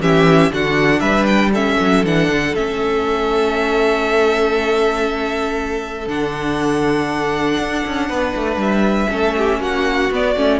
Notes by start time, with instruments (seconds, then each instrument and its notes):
0.00 cello E3, viola C#4, violin G4 E5
0.50 cello D3, viola D4, violin F#4 F#5
1.00 cello G3, violin B4 E5
1.26 violin G5
1.52 viola C#4, violin A4 E5
1.80 cello F#3
2.04 cello E3, viola D4, violin F#5
2.28 cello D3
2.55 cello A3, viola C#4, violin E5
6.06 cello D3, viola D4, violin F#5
7.58 cello D4
7.87 cello C#4
8.09 cello B3, violin B4
8.36 cello A3
8.56 cello G3, violin E5
9.09 cello A3, viola C#4, violin A4
9.37 violin G4
9.59 cello A#3, violin F#4 F#5
10.11 cello B3, viola B3, violin D5
10.36 cello A3, viola C#4